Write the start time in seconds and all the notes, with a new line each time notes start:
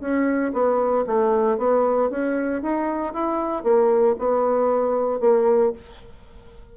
0.00 C#4
0.53 B3
1.07 A3
1.58 B3
2.10 C#4
2.62 D#4
3.14 E4
3.63 A#3
4.19 B3
5.20 A#3